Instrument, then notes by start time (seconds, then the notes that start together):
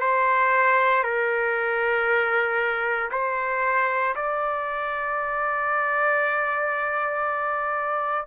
trumpet
0.00 C5
1.03 A#4
3.11 C5
4.15 D5